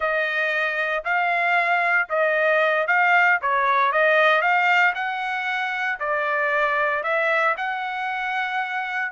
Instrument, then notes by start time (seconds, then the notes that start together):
trumpet
0.00 D#5
1.04 F5
2.09 D#5
2.87 F5
3.41 C#5
3.91 D#5
4.41 F5
4.94 F#5
5.99 D5
7.03 E5
7.57 F#5